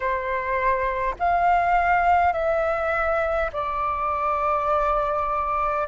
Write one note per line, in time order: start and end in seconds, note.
0.00 1.14 C5
1.19 2.32 F5
2.32 3.50 E5
3.52 5.87 D5